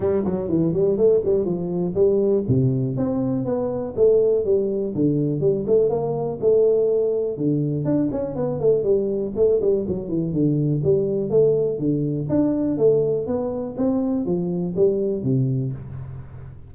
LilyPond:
\new Staff \with { instrumentName = "tuba" } { \time 4/4 \tempo 4 = 122 g8 fis8 e8 g8 a8 g8 f4 | g4 c4 c'4 b4 | a4 g4 d4 g8 a8 | ais4 a2 d4 |
d'8 cis'8 b8 a8 g4 a8 g8 | fis8 e8 d4 g4 a4 | d4 d'4 a4 b4 | c'4 f4 g4 c4 | }